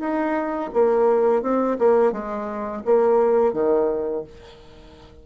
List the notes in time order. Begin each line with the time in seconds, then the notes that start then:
0.00 D#4
0.74 A#3
1.42 C4
1.79 A#3
2.12 G#3
2.85 A#3
3.53 D#3